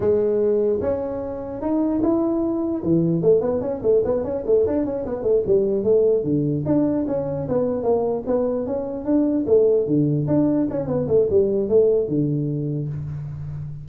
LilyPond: \new Staff \with { instrumentName = "tuba" } { \time 4/4 \tempo 4 = 149 gis2 cis'2 | dis'4 e'2 e4 | a8 b8 cis'8 a8 b8 cis'8 a8 d'8 | cis'8 b8 a8 g4 a4 d8~ |
d8 d'4 cis'4 b4 ais8~ | ais8 b4 cis'4 d'4 a8~ | a8 d4 d'4 cis'8 b8 a8 | g4 a4 d2 | }